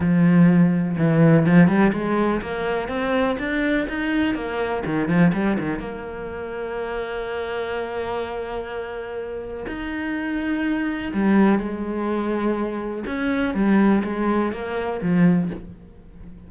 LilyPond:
\new Staff \with { instrumentName = "cello" } { \time 4/4 \tempo 4 = 124 f2 e4 f8 g8 | gis4 ais4 c'4 d'4 | dis'4 ais4 dis8 f8 g8 dis8 | ais1~ |
ais1 | dis'2. g4 | gis2. cis'4 | g4 gis4 ais4 f4 | }